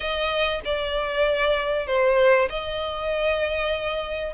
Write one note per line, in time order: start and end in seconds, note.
0.00 0.60 D#5
0.64 1.87 D5
1.87 2.49 C5
2.49 4.33 D#5